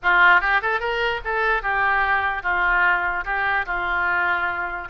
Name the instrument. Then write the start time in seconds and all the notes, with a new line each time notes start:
oboe
0.02 F4
0.41 G4
0.62 A4
0.80 A#4
1.24 A4
1.62 G4
2.42 F4
3.24 G4
3.66 F4